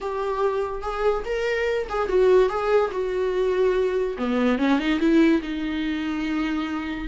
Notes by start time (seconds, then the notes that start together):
0.00 G4
0.82 G#4
1.25 A#4
1.89 G#4
2.08 F#4
2.49 G#4
2.91 F#4
4.18 B3
4.58 C#4
4.79 D#4
4.99 E4
5.42 D#4